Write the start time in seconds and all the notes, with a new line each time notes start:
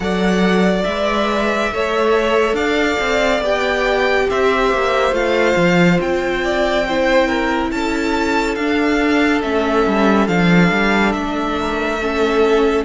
0.00 F#3 A4 D5 F#5
0.83 G#3 B4 E5
1.72 A3 A4 C#5
2.53 D4 D5 F5
2.99 C4
3.40 B3 G4 G5
4.29 C4 C5 E5
4.72 A#3
5.11 A3 F4 F5
5.56 F3
6.00 C4 G5
6.44 D5
6.87 E4 C5
7.27 A#4
7.71 C#4 A4 A5
8.55 D4 F5
9.42 A3 C#4 E5
9.86 G3
10.27 F3 D4 F5
10.71 G3
11.12 A3 E5
11.58 A#4
12.01 C#4 A4